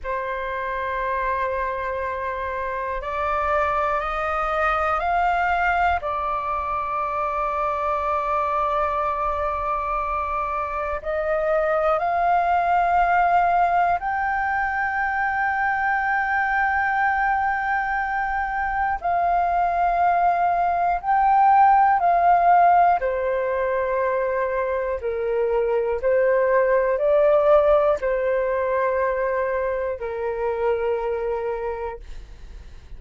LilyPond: \new Staff \with { instrumentName = "flute" } { \time 4/4 \tempo 4 = 60 c''2. d''4 | dis''4 f''4 d''2~ | d''2. dis''4 | f''2 g''2~ |
g''2. f''4~ | f''4 g''4 f''4 c''4~ | c''4 ais'4 c''4 d''4 | c''2 ais'2 | }